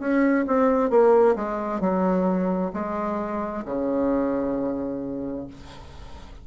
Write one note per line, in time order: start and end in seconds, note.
0.00 0.45 C#4
0.48 0.90 C4
0.90 1.36 A#3
1.36 1.81 G#3
1.81 2.72 F#3
2.74 3.64 G#3
3.66 5.48 C#3